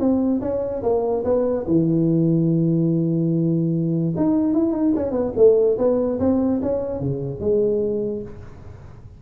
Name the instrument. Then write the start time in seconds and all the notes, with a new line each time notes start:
tuba
0.00 C4
0.42 C#4
0.83 A#3
1.25 B3
1.68 E3
4.17 D#4
4.54 E4
4.73 D#4
4.96 C#4
5.12 B3
5.37 A3
5.78 B3
6.20 C4
6.62 C#4
7.00 C#3
7.40 G#3